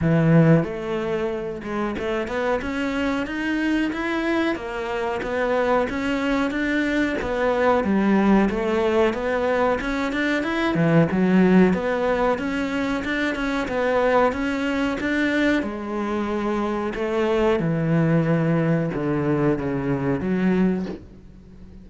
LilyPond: \new Staff \with { instrumentName = "cello" } { \time 4/4 \tempo 4 = 92 e4 a4. gis8 a8 b8 | cis'4 dis'4 e'4 ais4 | b4 cis'4 d'4 b4 | g4 a4 b4 cis'8 d'8 |
e'8 e8 fis4 b4 cis'4 | d'8 cis'8 b4 cis'4 d'4 | gis2 a4 e4~ | e4 d4 cis4 fis4 | }